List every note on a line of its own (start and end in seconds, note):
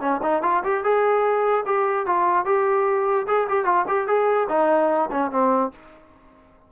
0.00 0.20 C#4
0.22 0.42 D#4
0.42 0.63 F4
0.64 0.83 G4
0.83 1.65 G#4
1.65 2.06 G4
2.06 2.45 F4
2.45 3.26 G4
3.27 3.47 G#4
3.49 3.65 G4
3.65 3.85 F4
3.88 4.07 G4
4.07 4.48 G#4
4.49 5.10 D#4
5.11 5.31 C#4
5.31 5.71 C4